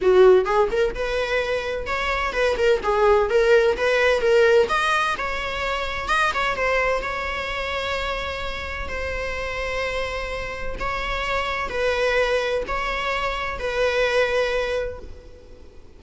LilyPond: \new Staff \with { instrumentName = "viola" } { \time 4/4 \tempo 4 = 128 fis'4 gis'8 ais'8 b'2 | cis''4 b'8 ais'8 gis'4 ais'4 | b'4 ais'4 dis''4 cis''4~ | cis''4 dis''8 cis''8 c''4 cis''4~ |
cis''2. c''4~ | c''2. cis''4~ | cis''4 b'2 cis''4~ | cis''4 b'2. | }